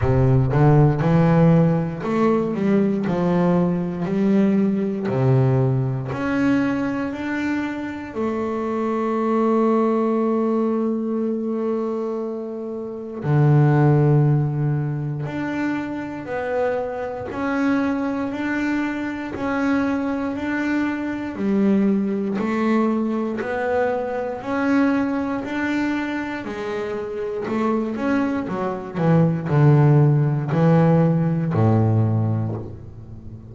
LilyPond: \new Staff \with { instrumentName = "double bass" } { \time 4/4 \tempo 4 = 59 c8 d8 e4 a8 g8 f4 | g4 c4 cis'4 d'4 | a1~ | a4 d2 d'4 |
b4 cis'4 d'4 cis'4 | d'4 g4 a4 b4 | cis'4 d'4 gis4 a8 cis'8 | fis8 e8 d4 e4 a,4 | }